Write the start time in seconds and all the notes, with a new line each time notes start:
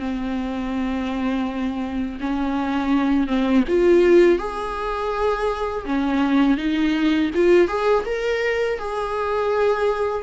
0.00 C4
2.21 C#4
3.28 C4
3.69 F4
4.39 G#4
5.86 C#4
6.58 D#4
7.35 F4
7.68 G#4
8.06 A#4
8.79 G#4